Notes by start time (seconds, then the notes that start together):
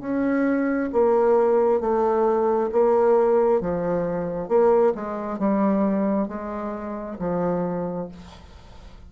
0.00 C#4
0.92 A#3
1.81 A3
2.72 A#3
3.61 F3
4.49 A#3
4.95 G#3
5.39 G3
6.28 G#3
7.19 F3